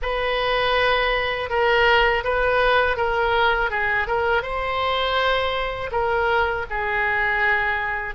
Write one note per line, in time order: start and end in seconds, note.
0.02 1.49 B4
1.49 2.23 A#4
2.24 2.96 B4
2.96 3.70 A#4
3.70 4.07 G#4
4.07 4.42 A#4
4.42 5.90 C5
5.91 6.65 A#4
6.70 8.14 G#4